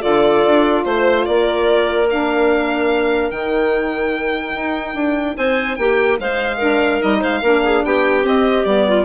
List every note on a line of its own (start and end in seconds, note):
0.00 0.46 D3
0.00 2.05 F4
0.00 0.84 A4
0.00 0.84 D5
0.46 0.85 D4
0.84 1.26 A3
0.84 1.25 C5
0.84 1.26 C5
1.25 3.31 A#3
1.25 5.37 A#4
1.25 2.08 D5
2.10 3.32 D4
2.10 3.31 F5
3.31 4.54 D#3
3.31 6.60 D#4
3.31 5.36 G5
4.55 4.94 D#4
4.94 5.35 D4
5.37 5.78 C4
5.37 5.78 C5
5.37 5.76 G#5
5.76 6.19 A#3
5.76 6.20 G4
5.76 6.17 G5
6.19 7.01 G#3
6.19 6.57 C5
6.19 7.02 F5
6.57 7.00 D4
6.57 7.19 A#4
7.00 7.23 G3
7.00 7.41 D#4
7.00 7.22 D#5
7.20 7.42 G#3
7.20 7.41 C5
7.20 7.85 F5
7.42 7.83 A#3
7.42 8.23 D4
7.42 7.63 A#4
7.63 7.84 G#4
7.84 8.25 B3
7.84 8.88 G4
7.84 8.26 G5
8.23 8.64 C4
8.23 8.65 C4
8.23 8.64 D#5
8.64 9.05 G3
8.64 9.05 B3
8.64 9.05 D5
8.88 9.05 F4